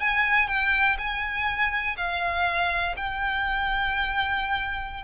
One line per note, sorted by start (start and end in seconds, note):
0.00 0.48 G#5
0.48 0.97 G5
0.98 1.96 G#5
1.97 2.95 F5
2.96 5.03 G5